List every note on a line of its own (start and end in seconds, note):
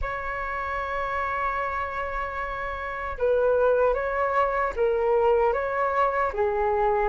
0.01 3.17 C#5
3.18 3.94 B4
3.94 4.73 C#5
4.76 5.53 A#4
5.53 6.32 C#5
6.33 7.08 G#4